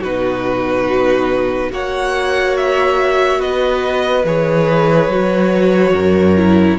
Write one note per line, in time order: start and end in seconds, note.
0.00 1.71 B2
0.00 1.70 D#4
0.00 1.69 F#4
0.00 1.71 B4
1.70 3.40 A#3
1.70 4.24 F#4
1.70 3.39 C#5
1.70 2.57 F#5
2.57 3.40 E5
3.39 4.24 B3
3.39 5.93 B4
3.39 4.25 D#5
4.24 5.08 E3
4.24 5.10 G#4
4.24 6.78 C#5
5.08 5.92 F#3
5.08 6.36 F#4
5.93 6.77 F#2
5.93 6.78 A#4
6.36 6.78 E4